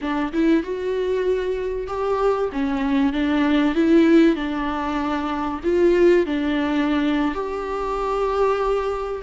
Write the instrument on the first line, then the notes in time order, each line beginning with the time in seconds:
viola
0.01 D4
0.32 E4
0.63 F#4
1.87 G4
2.52 C#4
3.12 D4
3.74 E4
4.35 D4
5.63 F4
6.26 D4
7.34 G4